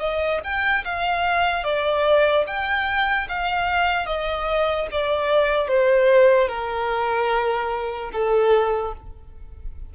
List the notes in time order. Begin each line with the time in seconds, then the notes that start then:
0.00 D#5
0.44 G5
0.85 F5
1.64 D5
2.47 G5
3.29 F5
4.06 D#5
4.91 D5
5.68 C5
6.49 A#4
8.13 A4